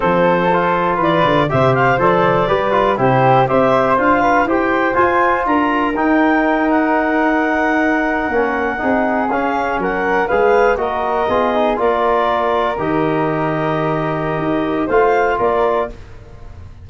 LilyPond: <<
  \new Staff \with { instrumentName = "clarinet" } { \time 4/4 \tempo 4 = 121 c''2 d''4 e''8 f''8 | d''2 c''4 e''4 | f''4 g''4 gis''4 ais''4 | g''4. fis''2~ fis''8~ |
fis''2~ fis''8. f''4 fis''16~ | fis''8. f''4 dis''2 d''16~ | d''4.~ d''16 dis''2~ dis''16~ | dis''2 f''4 d''4 | }
  \new Staff \with { instrumentName = "flute" } { \time 4/4 a'2 b'4 c''4~ | c''4 b'4 g'4 c''4~ | c''8 b'8 c''2 ais'4~ | ais'1~ |
ais'4.~ ais'16 gis'2 ais'16~ | ais'8. b'4 ais'4 gis'4 ais'16~ | ais'1~ | ais'2 c''4 ais'4 | }
  \new Staff \with { instrumentName = "trombone" } { \time 4/4 c'4 f'2 g'4 | a'4 g'8 f'8 e'4 g'4 | f'4 g'4 f'2 | dis'1~ |
dis'8. cis'4 dis'4 cis'4~ cis'16~ | cis'8. gis'4 fis'4 f'8 dis'8 f'16~ | f'4.~ f'16 g'2~ g'16~ | g'2 f'2 | }
  \new Staff \with { instrumentName = "tuba" } { \time 4/4 f2 e8 d8 c4 | f4 g4 c4 c'4 | d'4 e'4 f'4 d'4 | dis'1~ |
dis'8. ais4 c'4 cis'4 fis16~ | fis8. gis4 ais4 b4 ais16~ | ais4.~ ais16 dis2~ dis16~ | dis4 dis'4 a4 ais4 | }
>>